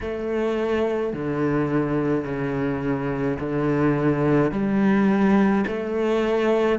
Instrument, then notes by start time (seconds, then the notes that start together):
cello
0.00 A3
1.13 D3
2.24 C#3
3.39 D3
4.51 G3
5.67 A3